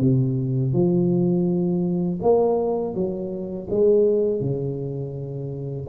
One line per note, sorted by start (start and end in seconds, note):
0.00 0.73 C3
0.73 2.20 F3
2.22 2.94 A#3
2.94 3.68 F#3
3.70 4.41 G#3
4.41 5.87 C#3